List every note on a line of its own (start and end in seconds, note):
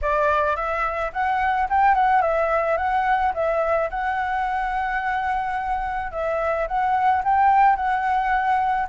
0.01 0.56 D5
0.56 1.11 E5
1.12 1.68 F#5
1.69 1.94 G5
1.94 2.21 F#5
2.21 2.77 E5
2.77 3.33 F#5
3.33 3.89 E5
3.90 6.11 F#5
6.11 6.67 E5
6.67 7.22 F#5
7.24 7.76 G5
7.76 8.87 F#5